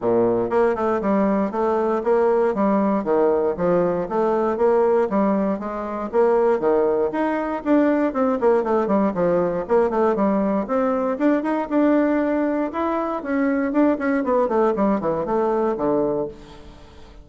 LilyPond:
\new Staff \with { instrumentName = "bassoon" } { \time 4/4 \tempo 4 = 118 ais,4 ais8 a8 g4 a4 | ais4 g4 dis4 f4 | a4 ais4 g4 gis4 | ais4 dis4 dis'4 d'4 |
c'8 ais8 a8 g8 f4 ais8 a8 | g4 c'4 d'8 dis'8 d'4~ | d'4 e'4 cis'4 d'8 cis'8 | b8 a8 g8 e8 a4 d4 | }